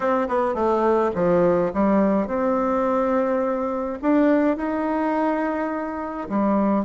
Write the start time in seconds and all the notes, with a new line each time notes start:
0.00 C4
0.28 B3
0.54 A3
1.14 F3
1.73 G3
2.27 C4
4.02 D4
4.56 D#4
6.29 G3